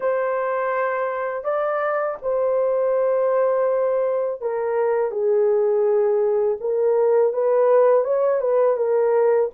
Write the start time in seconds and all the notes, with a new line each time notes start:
0.00 C5
1.43 D5
2.22 C5
4.41 A#4
5.11 G#4
6.60 A#4
7.33 B4
8.04 C#5
8.40 B4
8.76 A#4